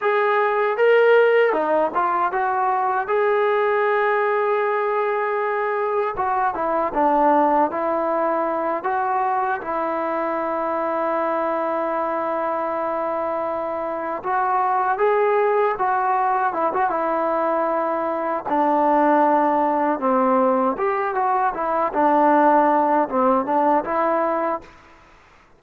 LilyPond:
\new Staff \with { instrumentName = "trombone" } { \time 4/4 \tempo 4 = 78 gis'4 ais'4 dis'8 f'8 fis'4 | gis'1 | fis'8 e'8 d'4 e'4. fis'8~ | fis'8 e'2.~ e'8~ |
e'2~ e'8 fis'4 gis'8~ | gis'8 fis'4 e'16 fis'16 e'2 | d'2 c'4 g'8 fis'8 | e'8 d'4. c'8 d'8 e'4 | }